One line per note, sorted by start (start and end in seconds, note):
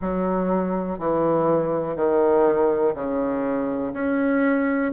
0.01 0.98 F#3
0.98 1.95 E3
1.95 2.94 D#3
2.94 3.93 C#3
3.93 4.92 C#4